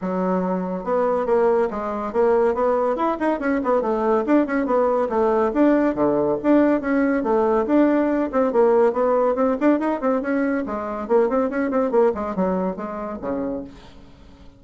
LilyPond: \new Staff \with { instrumentName = "bassoon" } { \time 4/4 \tempo 4 = 141 fis2 b4 ais4 | gis4 ais4 b4 e'8 dis'8 | cis'8 b8 a4 d'8 cis'8 b4 | a4 d'4 d4 d'4 |
cis'4 a4 d'4. c'8 | ais4 b4 c'8 d'8 dis'8 c'8 | cis'4 gis4 ais8 c'8 cis'8 c'8 | ais8 gis8 fis4 gis4 cis4 | }